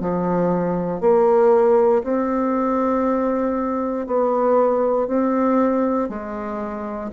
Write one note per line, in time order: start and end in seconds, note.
0.00 1.01 F3
1.01 2.02 A#3
2.03 4.07 C4
4.07 5.08 B3
5.08 6.09 C4
6.09 7.10 G#3